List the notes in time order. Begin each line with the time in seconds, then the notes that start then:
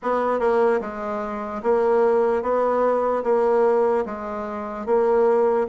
0.02 B3
0.39 A#3
0.80 G#3
1.63 A#3
2.42 B3
3.23 A#3
4.05 G#3
4.85 A#3